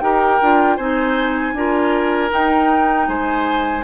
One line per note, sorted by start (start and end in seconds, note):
0.00 0.39 D#4
0.00 0.41 G4
0.00 0.77 A#4
0.00 0.77 G5
0.42 0.78 D4
0.42 0.79 F4
0.77 1.54 C4
0.77 1.56 D#4
0.77 1.54 C5
0.77 2.31 G#5
1.54 2.31 D4
1.54 2.30 F4
1.54 3.09 A#4
2.30 3.83 D#4
2.30 3.08 D#4
2.30 3.08 G5
3.08 3.84 G#3
3.08 3.84 C5
3.08 3.84 G#5